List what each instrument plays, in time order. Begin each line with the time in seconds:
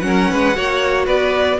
0.00 cello F#3, viola C#4, violin A#4 F#5
0.31 cello G#3, violin B4
0.54 cello A#3, viola F#4, violin C#5
1.05 cello B3, violin B4 D5